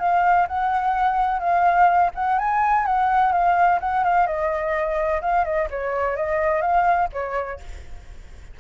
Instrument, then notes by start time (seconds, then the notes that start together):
flute
0.00 F5
0.48 F#5
1.40 F5
2.15 F#5
2.39 G#5
2.86 F#5
3.33 F5
3.81 F#5
4.04 F5
4.27 D#5
5.22 F5
5.45 D#5
5.71 C#5
6.17 D#5
6.62 F5
7.13 C#5